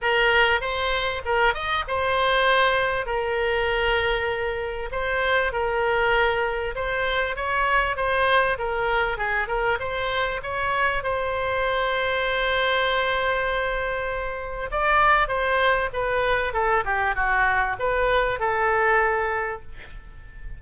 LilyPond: \new Staff \with { instrumentName = "oboe" } { \time 4/4 \tempo 4 = 98 ais'4 c''4 ais'8 dis''8 c''4~ | c''4 ais'2. | c''4 ais'2 c''4 | cis''4 c''4 ais'4 gis'8 ais'8 |
c''4 cis''4 c''2~ | c''1 | d''4 c''4 b'4 a'8 g'8 | fis'4 b'4 a'2 | }